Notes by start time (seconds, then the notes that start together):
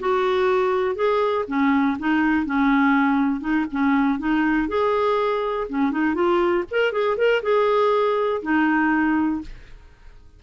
0.00 F#4
0.96 G#4
1.48 C#4
1.99 D#4
2.46 C#4
3.41 D#4
3.72 C#4
4.19 D#4
4.68 G#4
5.69 C#4
5.91 D#4
6.15 F4
6.71 A#4
6.92 G#4
7.18 A#4
7.43 G#4
8.43 D#4